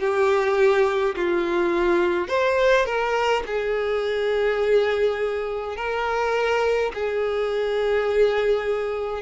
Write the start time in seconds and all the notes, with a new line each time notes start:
0.00 G4
1.16 F4
2.28 C5
2.86 A#4
3.46 G#4
5.77 A#4
6.94 G#4